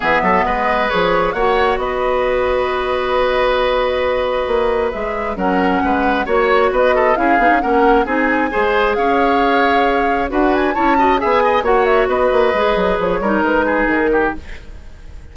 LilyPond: <<
  \new Staff \with { instrumentName = "flute" } { \time 4/4 \tempo 4 = 134 e''4 dis''4 cis''4 fis''4 | dis''1~ | dis''2. e''4 | fis''2 cis''4 dis''4 |
f''4 fis''4 gis''2 | f''2. fis''8 gis''8 | a''4 gis''4 fis''8 e''8 dis''4~ | dis''4 cis''4 b'4 ais'4 | }
  \new Staff \with { instrumentName = "oboe" } { \time 4/4 gis'8 a'8 b'2 cis''4 | b'1~ | b'1 | ais'4 b'4 cis''4 b'8 a'8 |
gis'4 ais'4 gis'4 c''4 | cis''2. b'4 | cis''8 dis''8 e''8 dis''8 cis''4 b'4~ | b'4. ais'4 gis'4 g'8 | }
  \new Staff \with { instrumentName = "clarinet" } { \time 4/4 b2 gis'4 fis'4~ | fis'1~ | fis'2. gis'4 | cis'2 fis'2 |
e'8 dis'8 cis'4 dis'4 gis'4~ | gis'2. fis'4 | e'8 fis'8 gis'4 fis'2 | gis'4. dis'2~ dis'8 | }
  \new Staff \with { instrumentName = "bassoon" } { \time 4/4 e8 fis8 gis4 f4 ais4 | b1~ | b2 ais4 gis4 | fis4 gis4 ais4 b4 |
cis'8 b16 cis'16 ais4 c'4 gis4 | cis'2. d'4 | cis'4 b4 ais4 b8 ais8 | gis8 fis8 f8 g8 gis4 dis4 | }
>>